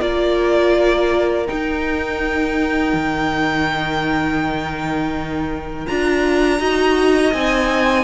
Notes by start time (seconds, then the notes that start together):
0.00 A#3 F4 A#4 D5
1.46 D#4 G5
2.93 D#3
5.87 D4 F4 A#5
6.59 D#4 F#4 D#5
7.33 C4 D#4 G#5